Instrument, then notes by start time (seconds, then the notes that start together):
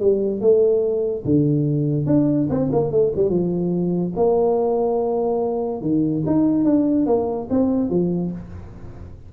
tuba
0.00 G3
0.41 A3
1.25 D3
2.07 D4
2.50 C4
2.73 A#3
2.92 A3
3.16 G3
3.30 F3
4.17 A#3
5.82 D#3
6.27 D#4
6.65 D4
7.07 A#3
7.51 C4
7.90 F3